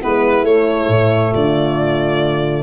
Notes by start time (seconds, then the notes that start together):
0.00 G#3 B3 E4 B4
0.43 A3 C#5
0.89 A2
1.32 D3 F4 D5